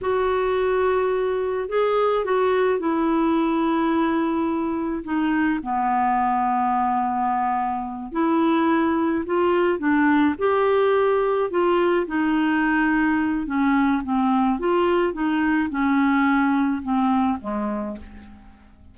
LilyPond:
\new Staff \with { instrumentName = "clarinet" } { \time 4/4 \tempo 4 = 107 fis'2. gis'4 | fis'4 e'2.~ | e'4 dis'4 b2~ | b2~ b8 e'4.~ |
e'8 f'4 d'4 g'4.~ | g'8 f'4 dis'2~ dis'8 | cis'4 c'4 f'4 dis'4 | cis'2 c'4 gis4 | }